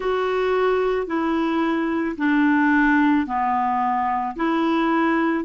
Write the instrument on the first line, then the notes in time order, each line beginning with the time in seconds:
clarinet
0.00 F#4
1.07 E4
2.17 D4
3.26 B3
4.36 E4